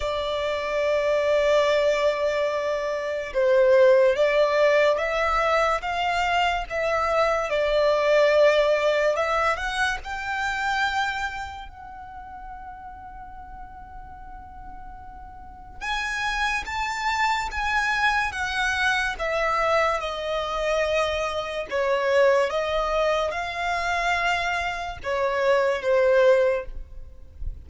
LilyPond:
\new Staff \with { instrumentName = "violin" } { \time 4/4 \tempo 4 = 72 d''1 | c''4 d''4 e''4 f''4 | e''4 d''2 e''8 fis''8 | g''2 fis''2~ |
fis''2. gis''4 | a''4 gis''4 fis''4 e''4 | dis''2 cis''4 dis''4 | f''2 cis''4 c''4 | }